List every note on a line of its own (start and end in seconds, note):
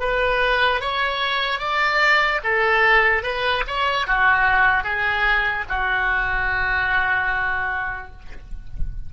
0.00 0.81 B4
0.81 1.59 C#5
1.59 2.40 D5
2.43 3.22 A4
3.22 3.63 B4
3.67 4.07 C#5
4.07 4.83 F#4
4.83 5.64 G#4
5.69 8.12 F#4